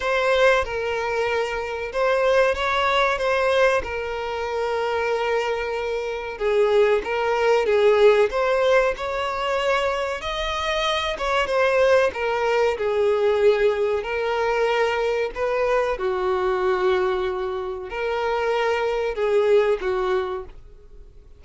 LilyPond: \new Staff \with { instrumentName = "violin" } { \time 4/4 \tempo 4 = 94 c''4 ais'2 c''4 | cis''4 c''4 ais'2~ | ais'2 gis'4 ais'4 | gis'4 c''4 cis''2 |
dis''4. cis''8 c''4 ais'4 | gis'2 ais'2 | b'4 fis'2. | ais'2 gis'4 fis'4 | }